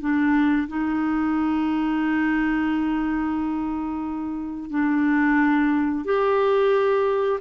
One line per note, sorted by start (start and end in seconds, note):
0.00 0.67 D4
0.67 4.70 D#4
4.70 6.05 D4
6.05 7.39 G4